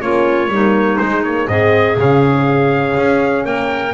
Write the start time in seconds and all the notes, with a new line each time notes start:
0.00 A#3 C#4 F4 C#5
0.48 G3 A#3 D#4
0.98 G#3 C5
1.23 A#3 C#5
1.47 G#2 C4 G#4 D#5
1.97 C#3 C#4 F5
2.96 C#4
3.44 A#3 A#4 G5